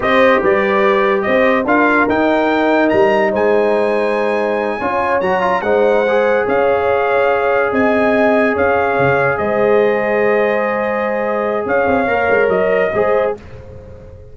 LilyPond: <<
  \new Staff \with { instrumentName = "trumpet" } { \time 4/4 \tempo 4 = 144 dis''4 d''2 dis''4 | f''4 g''2 ais''4 | gis''1~ | gis''8 ais''4 fis''2 f''8~ |
f''2~ f''8 gis''4.~ | gis''8 f''2 dis''4.~ | dis''1 | f''2 dis''2 | }
  \new Staff \with { instrumentName = "horn" } { \time 4/4 c''4 b'2 c''4 | ais'1 | c''2.~ c''8 cis''8~ | cis''4. c''2 cis''8~ |
cis''2~ cis''8 dis''4.~ | dis''8 cis''2 c''4.~ | c''1 | cis''2. c''4 | }
  \new Staff \with { instrumentName = "trombone" } { \time 4/4 g'1 | f'4 dis'2.~ | dis'2.~ dis'8 f'8~ | f'8 fis'8 f'8 dis'4 gis'4.~ |
gis'1~ | gis'1~ | gis'1~ | gis'4 ais'2 gis'4 | }
  \new Staff \with { instrumentName = "tuba" } { \time 4/4 c'4 g2 c'4 | d'4 dis'2 g4 | gis2.~ gis8 cis'8~ | cis'8 fis4 gis2 cis'8~ |
cis'2~ cis'8 c'4.~ | c'8 cis'4 cis4 gis4.~ | gis1 | cis'8 c'8 ais8 gis8 fis4 gis4 | }
>>